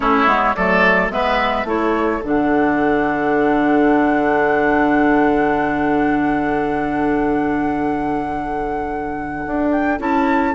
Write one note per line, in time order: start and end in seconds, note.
0.00 0.26 A3
0.00 0.26 C#4
0.00 0.56 E4
0.00 0.55 C#5
0.26 0.54 G#3
0.26 0.54 B3
0.55 1.09 F#3
0.55 1.11 A3
0.55 1.12 A4
0.55 1.10 D5
1.09 1.63 G#3
1.09 1.66 B3
1.09 1.66 B4
1.09 1.66 E5
1.63 2.19 A3
1.63 2.21 E4
1.63 10.54 A4
1.63 2.23 C#5
2.23 9.45 D3
2.23 9.99 D4
2.23 9.71 F#5
9.46 9.99 D4
9.71 9.99 G5
9.99 10.54 C#4
9.99 10.54 E4
9.99 10.54 A5